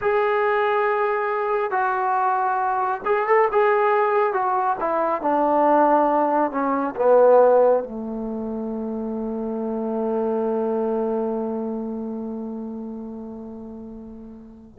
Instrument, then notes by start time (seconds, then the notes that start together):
trombone
0.01 G#4
1.70 F#4
3.05 G#4
3.26 A4
3.51 G#4
4.33 F#4
4.79 E4
5.21 D4
6.51 C#4
6.96 B3
7.83 A3